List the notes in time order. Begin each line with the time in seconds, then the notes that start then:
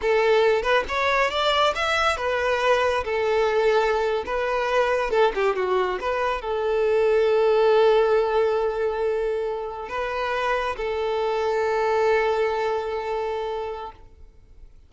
0.01 A4
0.62 B4
0.88 C#5
1.30 D5
1.75 E5
2.16 B4
3.04 A4
4.25 B4
5.10 A4
5.34 G4
5.55 F#4
6.00 B4
6.41 A4
9.89 B4
10.76 A4